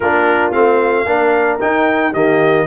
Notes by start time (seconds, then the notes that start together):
0.00 A#3 D4 F4 A#4
0.52 A3 C4 F5
1.05 A#3 D4 A#4
1.60 D#4 G5
2.11 D#3 A#3 G4 D#5